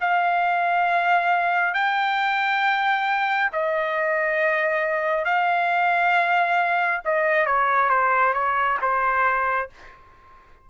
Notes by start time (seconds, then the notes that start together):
0.00 F5
1.74 G5
3.52 D#5
5.25 F5
7.05 D#5
7.46 C#5
7.89 C5
8.33 C#5
8.82 C5